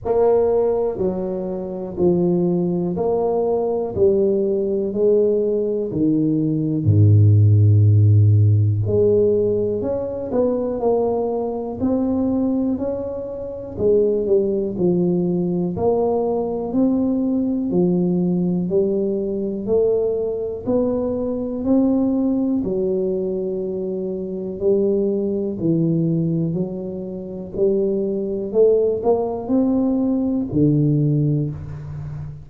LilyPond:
\new Staff \with { instrumentName = "tuba" } { \time 4/4 \tempo 4 = 61 ais4 fis4 f4 ais4 | g4 gis4 dis4 gis,4~ | gis,4 gis4 cis'8 b8 ais4 | c'4 cis'4 gis8 g8 f4 |
ais4 c'4 f4 g4 | a4 b4 c'4 fis4~ | fis4 g4 e4 fis4 | g4 a8 ais8 c'4 d4 | }